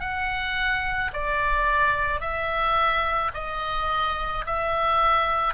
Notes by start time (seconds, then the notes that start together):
0.00 F#5
1.14 D5
2.20 E5
3.34 D#5
4.46 E5